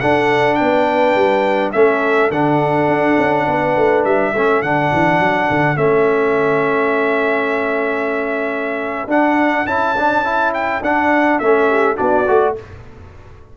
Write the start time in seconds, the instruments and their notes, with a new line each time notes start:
0.00 trombone D4, tuba D4, horn A4, trumpet F#5
0.54 trumpet G5
0.60 tuba B3, horn B4
1.15 tuba G3
1.72 tuba A3, trombone C#4, horn A4, trumpet E5
2.30 tuba D3, trombone D4, trumpet F#5
2.87 tuba D4
3.17 tuba C#4
3.47 tuba B3, horn B4
3.76 tuba A3
4.04 tuba G3, trumpet E5
4.33 tuba A3, trombone C#4, horn A4
4.62 tuba D3, trombone D4, trumpet F#5
4.93 tuba E3
5.19 tuba F#3
5.50 tuba D3
5.76 tuba A3, trombone C#4, trumpet E5
9.07 tuba D4, trombone D4, trumpet F#5
9.65 tuba C#4, trombone E4, trumpet A5
9.97 trombone D4
10.23 trombone E4
10.53 trumpet G5
10.81 tuba D4, trombone D4, trumpet F#5
11.39 tuba A3, trombone C#4, trumpet E5
11.69 horn G4
11.95 tuba B3, trombone D4, horn F#4, trumpet D5
12.27 tuba A3, trombone F#4